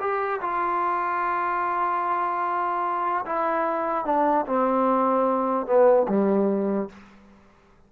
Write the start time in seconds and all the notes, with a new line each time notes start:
0.00 G4
0.41 F4
3.26 E4
4.05 D4
4.46 C4
5.66 B3
6.08 G3